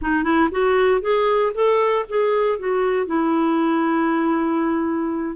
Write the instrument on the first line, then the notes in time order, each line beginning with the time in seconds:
clarinet
0.01 D#4
0.23 E4
0.51 F#4
1.01 G#4
1.54 A4
2.09 G#4
2.59 F#4
3.06 E4